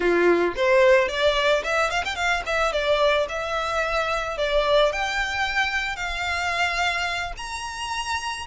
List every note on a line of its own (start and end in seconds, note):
0.00 0.54 F4
0.56 1.08 C5
1.08 1.63 D5
1.63 1.90 E5
1.90 2.04 F5
2.04 2.15 G5
2.15 2.42 F5
2.46 2.72 E5
2.72 3.27 D5
3.29 4.37 E5
4.37 4.92 D5
4.92 5.96 G5
5.96 7.32 F5
7.37 8.46 A#5